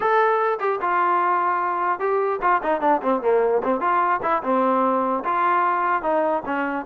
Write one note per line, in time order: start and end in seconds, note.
0.00 0.58 A4
0.59 0.80 G4
0.81 1.99 F4
1.99 2.40 G4
2.41 2.61 F4
2.62 2.81 D#4
2.81 3.01 D4
3.02 3.21 C4
3.21 3.61 A#3
3.63 3.80 C4
3.80 4.20 F4
4.22 4.42 E4
4.43 5.23 C4
5.24 6.02 F4
6.02 6.42 D#4
6.45 6.85 C#4